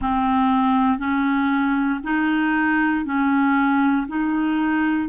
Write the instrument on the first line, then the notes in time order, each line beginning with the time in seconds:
clarinet
0.01 C4
0.98 C#4
2.03 D#4
3.05 C#4
4.07 D#4